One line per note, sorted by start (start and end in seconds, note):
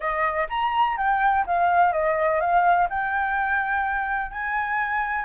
0.00 0.47 D#5
0.49 0.97 A#5
0.97 1.45 G5
1.46 1.92 F5
1.92 2.40 D#5
2.40 2.88 F5
2.89 4.31 G5
4.31 5.25 G#5